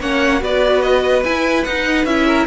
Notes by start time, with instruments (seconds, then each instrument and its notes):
0.00 cello A#3, viola C#4, violin C#5 F#5
0.40 cello B3, viola F#4, violin B4 D5
0.82 violin D#5
1.24 cello E4, viola E4, violin G#5
1.64 cello D#4, viola D#4, violin F#5
2.04 cello C#4, viola E4, violin E5
2.26 violin A#4